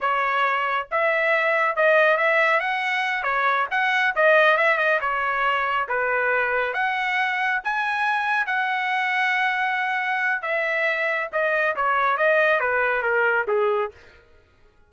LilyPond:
\new Staff \with { instrumentName = "trumpet" } { \time 4/4 \tempo 4 = 138 cis''2 e''2 | dis''4 e''4 fis''4. cis''8~ | cis''8 fis''4 dis''4 e''8 dis''8 cis''8~ | cis''4. b'2 fis''8~ |
fis''4. gis''2 fis''8~ | fis''1 | e''2 dis''4 cis''4 | dis''4 b'4 ais'4 gis'4 | }